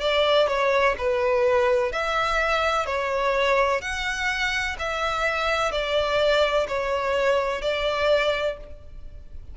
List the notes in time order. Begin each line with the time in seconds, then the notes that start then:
0.00 D5
0.47 C#5
0.97 B4
1.92 E5
2.86 C#5
3.81 F#5
4.78 E5
5.71 D5
6.68 C#5
7.61 D5